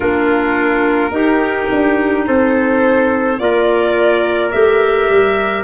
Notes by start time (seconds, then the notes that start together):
0.00 A#3 D4 F4 A#4
1.11 D#4 G4
1.71 D4
2.26 C4 A4 C5
3.38 A#3 F4 A#4 D5
4.51 A3 G4 E5
5.09 G3